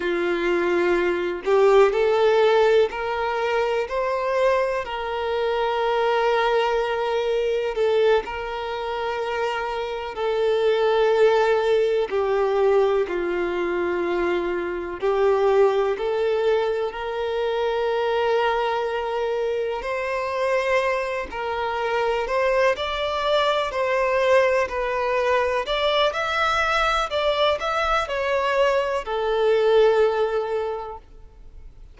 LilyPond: \new Staff \with { instrumentName = "violin" } { \time 4/4 \tempo 4 = 62 f'4. g'8 a'4 ais'4 | c''4 ais'2. | a'8 ais'2 a'4.~ | a'8 g'4 f'2 g'8~ |
g'8 a'4 ais'2~ ais'8~ | ais'8 c''4. ais'4 c''8 d''8~ | d''8 c''4 b'4 d''8 e''4 | d''8 e''8 cis''4 a'2 | }